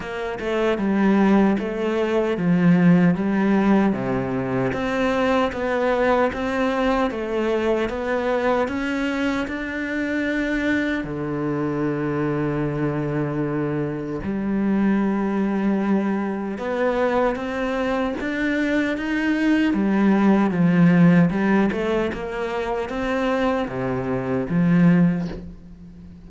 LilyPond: \new Staff \with { instrumentName = "cello" } { \time 4/4 \tempo 4 = 76 ais8 a8 g4 a4 f4 | g4 c4 c'4 b4 | c'4 a4 b4 cis'4 | d'2 d2~ |
d2 g2~ | g4 b4 c'4 d'4 | dis'4 g4 f4 g8 a8 | ais4 c'4 c4 f4 | }